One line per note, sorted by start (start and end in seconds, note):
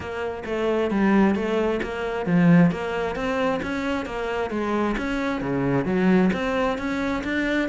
0.00 0.43 A#3
0.45 0.90 A3
0.90 1.35 G3
1.35 1.80 A3
1.83 2.26 A#3
2.26 2.71 F3
2.71 3.15 A#3
3.15 3.60 C4
3.62 4.05 C#4
4.05 4.50 A#3
4.50 4.95 G#3
4.97 5.41 C#4
5.41 5.85 C#3
5.85 6.30 F#3
6.33 6.78 C4
6.78 7.23 C#4
7.23 7.68 D4